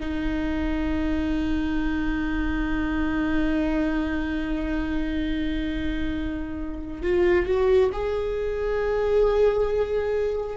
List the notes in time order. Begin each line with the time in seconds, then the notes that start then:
0.00 D#4
7.02 F4
7.46 F#4
7.92 G#4